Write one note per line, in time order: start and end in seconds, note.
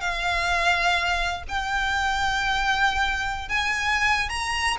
0.00 1.43 F5
1.48 3.48 G5
3.48 4.29 G#5
4.29 4.77 A#5